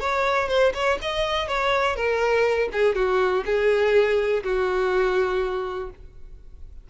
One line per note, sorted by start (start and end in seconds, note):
0.00 0.48 C#5
0.48 0.73 C5
0.74 0.98 C#5
1.02 1.48 D#5
1.48 1.96 C#5
1.96 2.69 A#4
2.73 2.95 G#4
2.95 3.44 F#4
3.45 4.43 G#4
4.44 5.90 F#4